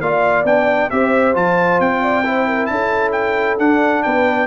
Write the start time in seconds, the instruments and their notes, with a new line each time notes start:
0.00 tuba A#3, trombone F4, horn D5, trumpet F5
0.44 tuba B3, trombone D4, trumpet G5
0.90 tuba C4, trombone G4, horn C5, trumpet E5
1.34 tuba F3, trombone F4, trumpet A5
1.80 tuba C4, trumpet G5
2.02 horn D5
2.25 trombone E4, horn C5
2.47 horn A#4
2.66 tuba C#4, horn A4, trumpet A5
3.12 trumpet G5
3.58 trombone D4, tuba D4, trumpet F#5
4.03 tuba B3, horn B4, trumpet G5